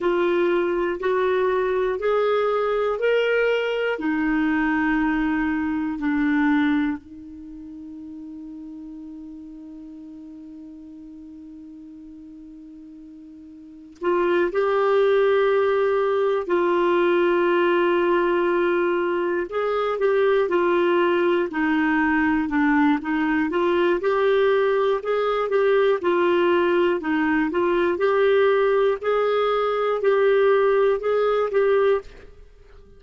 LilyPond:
\new Staff \with { instrumentName = "clarinet" } { \time 4/4 \tempo 4 = 60 f'4 fis'4 gis'4 ais'4 | dis'2 d'4 dis'4~ | dis'1~ | dis'2 f'8 g'4.~ |
g'8 f'2. gis'8 | g'8 f'4 dis'4 d'8 dis'8 f'8 | g'4 gis'8 g'8 f'4 dis'8 f'8 | g'4 gis'4 g'4 gis'8 g'8 | }